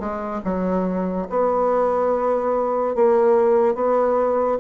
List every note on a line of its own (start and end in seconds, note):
0.00 0.42 G#3
0.45 1.28 F#3
1.30 2.95 B3
2.95 3.75 A#3
3.75 4.58 B3